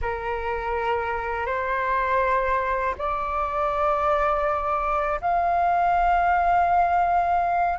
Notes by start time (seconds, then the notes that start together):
0.01 A#4
1.46 C5
2.98 D5
5.21 F5